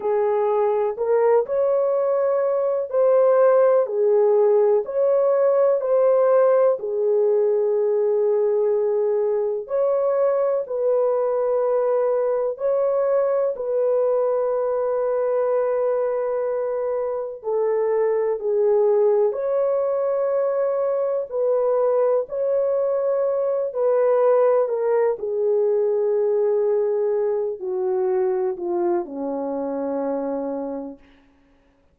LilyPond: \new Staff \with { instrumentName = "horn" } { \time 4/4 \tempo 4 = 62 gis'4 ais'8 cis''4. c''4 | gis'4 cis''4 c''4 gis'4~ | gis'2 cis''4 b'4~ | b'4 cis''4 b'2~ |
b'2 a'4 gis'4 | cis''2 b'4 cis''4~ | cis''8 b'4 ais'8 gis'2~ | gis'8 fis'4 f'8 cis'2 | }